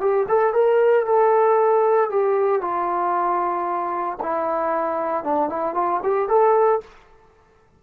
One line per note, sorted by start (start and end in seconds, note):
0.00 0.26 G4
0.28 0.53 A4
0.53 1.06 A#4
1.06 2.10 A4
2.10 2.61 G4
2.61 4.17 F4
4.22 5.24 E4
5.24 5.49 D4
5.49 5.74 E4
5.74 6.00 F4
6.03 6.28 G4
6.28 6.80 A4